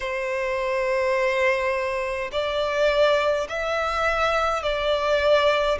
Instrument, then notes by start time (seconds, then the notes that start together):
violin
0.00 C5
2.32 D5
3.48 E5
4.63 D5